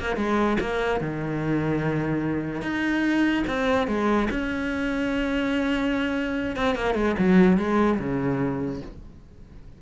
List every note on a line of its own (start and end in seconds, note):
0.00 0.17 A#3
0.17 0.58 G#3
0.61 1.01 A#3
1.01 2.62 D#3
2.62 3.44 D#4
3.47 3.88 C4
3.88 4.29 G#3
4.31 6.57 C#4
6.57 6.76 C4
6.76 6.95 A#3
6.95 7.16 G#3
7.19 7.58 F#3
7.58 7.99 G#3
8.00 8.82 C#3